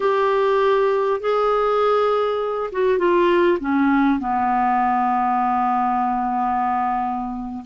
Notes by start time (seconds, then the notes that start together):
0.00 G4
1.20 G#4
2.72 F#4
2.98 F4
3.60 C#4
4.19 B3